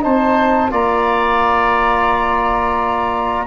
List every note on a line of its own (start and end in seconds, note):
0.00 0.71 C4
0.00 0.69 D#4
0.00 0.71 C5
0.00 0.71 A5
0.70 3.46 A#3
0.70 3.46 F4
0.70 3.46 D5
0.70 3.46 A#5